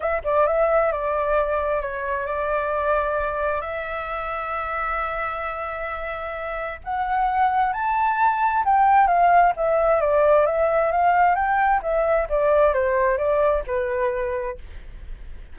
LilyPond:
\new Staff \with { instrumentName = "flute" } { \time 4/4 \tempo 4 = 132 e''8 d''8 e''4 d''2 | cis''4 d''2. | e''1~ | e''2. fis''4~ |
fis''4 a''2 g''4 | f''4 e''4 d''4 e''4 | f''4 g''4 e''4 d''4 | c''4 d''4 b'2 | }